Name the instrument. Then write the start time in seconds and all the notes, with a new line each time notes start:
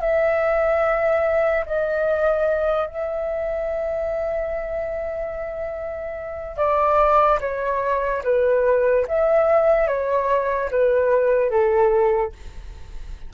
flute
0.00 E5
1.66 D#5
2.87 E5
6.56 D5
7.40 C#5
8.24 B4
9.07 E5
9.87 C#5
10.71 B4
11.50 A4